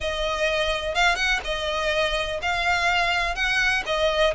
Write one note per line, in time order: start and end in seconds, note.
0.00 0.94 D#5
0.94 1.15 F5
1.15 1.39 F#5
1.44 2.40 D#5
2.42 3.35 F5
3.35 3.83 F#5
3.85 4.33 D#5